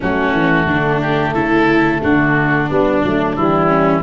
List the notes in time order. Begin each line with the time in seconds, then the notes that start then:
0.00 F#3 A3 C#4 F#4
0.32 E3
0.66 D3 D4
1.01 G4
1.33 C#3 E4 A4
2.01 D3 D4 F#4
2.69 G3 B3 D4
3.03 F#3 A3
3.36 E3 G3 E4
3.67 C#4